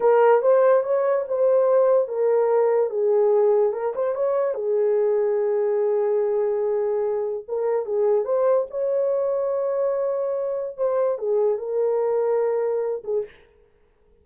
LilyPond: \new Staff \with { instrumentName = "horn" } { \time 4/4 \tempo 4 = 145 ais'4 c''4 cis''4 c''4~ | c''4 ais'2 gis'4~ | gis'4 ais'8 c''8 cis''4 gis'4~ | gis'1~ |
gis'2 ais'4 gis'4 | c''4 cis''2.~ | cis''2 c''4 gis'4 | ais'2.~ ais'8 gis'8 | }